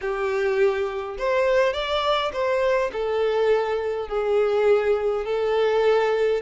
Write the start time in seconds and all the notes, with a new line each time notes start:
0.01 G4
1.18 C5
1.73 D5
2.32 C5
2.92 A4
4.08 G#4
5.25 A4